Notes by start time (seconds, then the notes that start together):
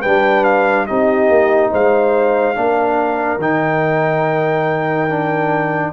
0.00 G3 D4 B4 G5
0.44 F5
0.87 C4 D#4 G4 D#5
1.29 A#3
1.71 G#3 C5 F5
2.55 A#3 D4 A#4
3.38 D#3 D#4 G5
5.09 D4